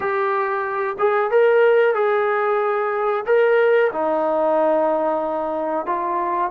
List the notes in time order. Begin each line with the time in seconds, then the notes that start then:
0.00 G4
0.98 G#4
1.30 A#4
1.94 G#4
3.25 A#4
3.92 D#4
5.86 F4